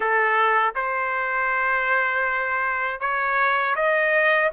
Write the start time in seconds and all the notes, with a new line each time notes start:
0.00 A4
0.75 C5
3.00 C#5
3.75 D#5